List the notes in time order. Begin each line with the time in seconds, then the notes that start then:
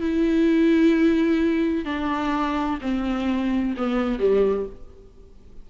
0.00 E4
1.85 D4
2.81 C4
3.76 B3
4.19 G3